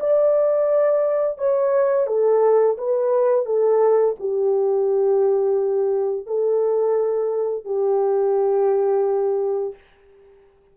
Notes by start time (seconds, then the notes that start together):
0.00 D5
1.38 C#5
2.07 A4
2.77 B4
3.45 A4
4.20 G4
6.26 A4
7.65 G4